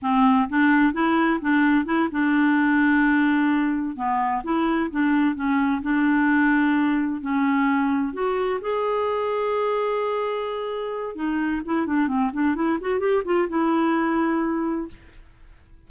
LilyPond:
\new Staff \with { instrumentName = "clarinet" } { \time 4/4 \tempo 4 = 129 c'4 d'4 e'4 d'4 | e'8 d'2.~ d'8~ | d'8 b4 e'4 d'4 cis'8~ | cis'8 d'2. cis'8~ |
cis'4. fis'4 gis'4.~ | gis'1 | dis'4 e'8 d'8 c'8 d'8 e'8 fis'8 | g'8 f'8 e'2. | }